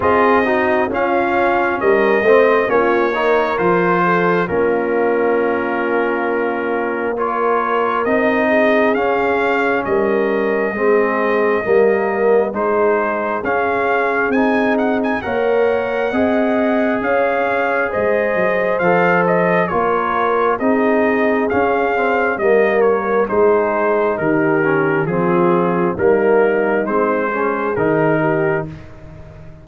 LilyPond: <<
  \new Staff \with { instrumentName = "trumpet" } { \time 4/4 \tempo 4 = 67 dis''4 f''4 dis''4 cis''4 | c''4 ais'2. | cis''4 dis''4 f''4 dis''4~ | dis''2 c''4 f''4 |
gis''8 fis''16 gis''16 fis''2 f''4 | dis''4 f''8 dis''8 cis''4 dis''4 | f''4 dis''8 cis''8 c''4 ais'4 | gis'4 ais'4 c''4 ais'4 | }
  \new Staff \with { instrumentName = "horn" } { \time 4/4 gis'8 fis'8 f'4 ais'8 c''8 f'8 ais'8~ | ais'8 a'8 f'2. | ais'4. gis'4. ais'4 | gis'4 ais'4 gis'2~ |
gis'4 cis''4 dis''4 cis''4 | c''2 ais'4 gis'4~ | gis'4 ais'4 gis'4 g'4 | f'4 dis'4. gis'4 g'8 | }
  \new Staff \with { instrumentName = "trombone" } { \time 4/4 f'8 dis'8 cis'4. c'8 cis'8 dis'8 | f'4 cis'2. | f'4 dis'4 cis'2 | c'4 ais4 dis'4 cis'4 |
dis'4 ais'4 gis'2~ | gis'4 a'4 f'4 dis'4 | cis'8 c'8 ais4 dis'4. cis'8 | c'4 ais4 c'8 cis'8 dis'4 | }
  \new Staff \with { instrumentName = "tuba" } { \time 4/4 c'4 cis'4 g8 a8 ais4 | f4 ais2.~ | ais4 c'4 cis'4 g4 | gis4 g4 gis4 cis'4 |
c'4 ais4 c'4 cis'4 | gis8 fis8 f4 ais4 c'4 | cis'4 g4 gis4 dis4 | f4 g4 gis4 dis4 | }
>>